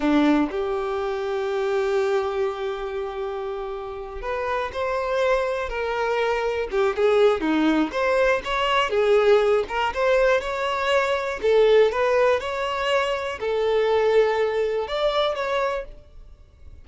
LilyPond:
\new Staff \with { instrumentName = "violin" } { \time 4/4 \tempo 4 = 121 d'4 g'2.~ | g'1~ | g'8 b'4 c''2 ais'8~ | ais'4. g'8 gis'4 dis'4 |
c''4 cis''4 gis'4. ais'8 | c''4 cis''2 a'4 | b'4 cis''2 a'4~ | a'2 d''4 cis''4 | }